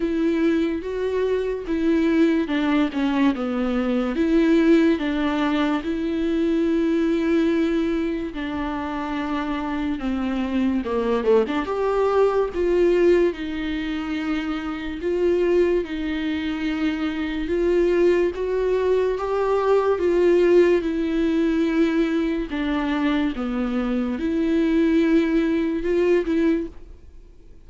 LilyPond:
\new Staff \with { instrumentName = "viola" } { \time 4/4 \tempo 4 = 72 e'4 fis'4 e'4 d'8 cis'8 | b4 e'4 d'4 e'4~ | e'2 d'2 | c'4 ais8 a16 d'16 g'4 f'4 |
dis'2 f'4 dis'4~ | dis'4 f'4 fis'4 g'4 | f'4 e'2 d'4 | b4 e'2 f'8 e'8 | }